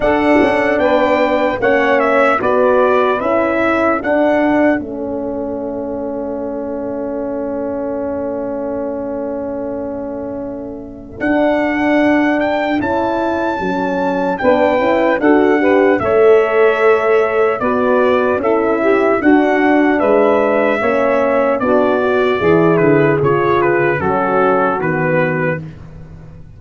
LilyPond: <<
  \new Staff \with { instrumentName = "trumpet" } { \time 4/4 \tempo 4 = 75 fis''4 g''4 fis''8 e''8 d''4 | e''4 fis''4 e''2~ | e''1~ | e''2 fis''4. g''8 |
a''2 g''4 fis''4 | e''2 d''4 e''4 | fis''4 e''2 d''4~ | d''8 b'8 cis''8 b'8 a'4 b'4 | }
  \new Staff \with { instrumentName = "saxophone" } { \time 4/4 a'4 b'4 cis''4 b'4~ | b'8 a'2.~ a'8~ | a'1~ | a'1~ |
a'2 b'4 a'8 b'8 | cis''2 b'4 a'8 g'8 | fis'4 b'4 cis''4 fis'4 | gis'2 fis'2 | }
  \new Staff \with { instrumentName = "horn" } { \time 4/4 d'2 cis'4 fis'4 | e'4 d'4 cis'2~ | cis'1~ | cis'2 d'2 |
e'4 cis'4 d'8 e'8 fis'8 g'8 | a'2 fis'4 e'4 | d'2 cis'4 d'8 fis'8 | e'4 f'4 cis'4 b4 | }
  \new Staff \with { instrumentName = "tuba" } { \time 4/4 d'8 cis'8 b4 ais4 b4 | cis'4 d'4 a2~ | a1~ | a2 d'2 |
cis'4 fis4 b8 cis'8 d'4 | a2 b4 cis'4 | d'4 gis4 ais4 b4 | e8 d8 cis4 fis4 dis4 | }
>>